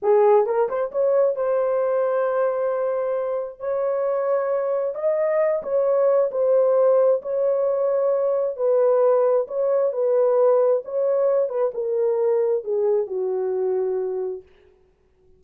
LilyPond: \new Staff \with { instrumentName = "horn" } { \time 4/4 \tempo 4 = 133 gis'4 ais'8 c''8 cis''4 c''4~ | c''1 | cis''2. dis''4~ | dis''8 cis''4. c''2 |
cis''2. b'4~ | b'4 cis''4 b'2 | cis''4. b'8 ais'2 | gis'4 fis'2. | }